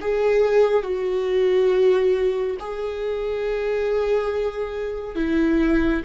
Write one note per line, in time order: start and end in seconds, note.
0.00 0.83 G#4
0.83 2.57 F#4
2.59 5.15 G#4
5.15 6.02 E4